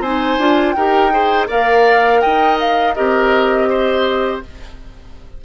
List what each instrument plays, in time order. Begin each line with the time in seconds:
0.00 bassoon C4, clarinet D#4, oboe C5, flute G#5
0.38 bassoon D4, clarinet F4
0.72 bassoon D#4, clarinet G4, oboe A#4, flute G5
1.11 clarinet G#4, oboe C5
1.47 bassoon A#3, clarinet A#4, oboe D5, flute F5
2.21 bassoon D#4, oboe D#5, flute G5
2.60 flute F5
2.94 bassoon C4, clarinet G4, oboe A#4, flute D#5
3.70 oboe C5